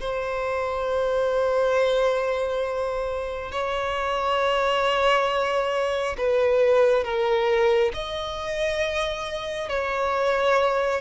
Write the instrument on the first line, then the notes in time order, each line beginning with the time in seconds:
violin
0.00 C5
3.52 C#5
6.17 B4
7.04 A#4
7.93 D#5
9.69 C#5